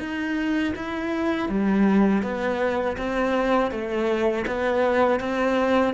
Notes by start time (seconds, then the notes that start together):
0.00 D#4
0.76 E4
1.49 G3
2.23 B3
2.98 C4
3.72 A3
4.47 B3
5.20 C4